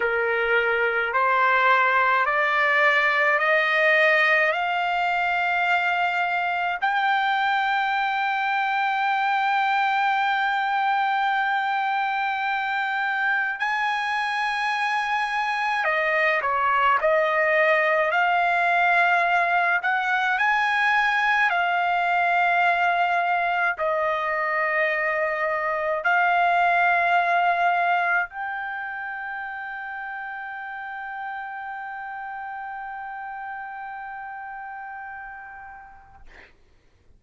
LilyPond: \new Staff \with { instrumentName = "trumpet" } { \time 4/4 \tempo 4 = 53 ais'4 c''4 d''4 dis''4 | f''2 g''2~ | g''1 | gis''2 dis''8 cis''8 dis''4 |
f''4. fis''8 gis''4 f''4~ | f''4 dis''2 f''4~ | f''4 g''2.~ | g''1 | }